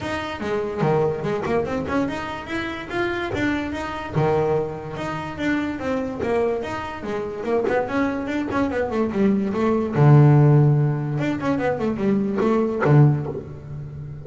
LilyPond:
\new Staff \with { instrumentName = "double bass" } { \time 4/4 \tempo 4 = 145 dis'4 gis4 dis4 gis8 ais8 | c'8 cis'8 dis'4 e'4 f'4 | d'4 dis'4 dis2 | dis'4 d'4 c'4 ais4 |
dis'4 gis4 ais8 b8 cis'4 | d'8 cis'8 b8 a8 g4 a4 | d2. d'8 cis'8 | b8 a8 g4 a4 d4 | }